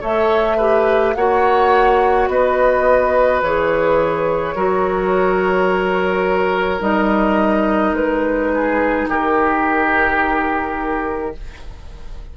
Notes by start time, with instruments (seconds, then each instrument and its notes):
0.00 bassoon A3, clarinet A4, oboe C#5, flute E5
0.57 clarinet G4, oboe B4
1.15 bassoon A#3, clarinet F#4, oboe C#5, flute F#5
2.28 bassoon B3, oboe B4, flute D#5
3.42 bassoon E3, clarinet G#4, flute C#5
4.55 bassoon F#3, clarinet F#4, oboe A#4
6.79 bassoon G3, clarinet D#4, flute D#5
7.92 bassoon G#3, flute B4
8.54 oboe G#4
9.08 bassoon D#3, oboe G4, flute A#4